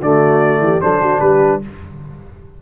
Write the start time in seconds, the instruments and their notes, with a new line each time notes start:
0.00 tuba D3, trombone A3, horn F#4, trumpet D5
0.59 tuba E3, horn G4
0.82 tuba F#3, trombone D4, horn A4, trumpet C5
1.00 tuba D3, horn F#4
1.21 tuba G3, horn G4, trumpet B4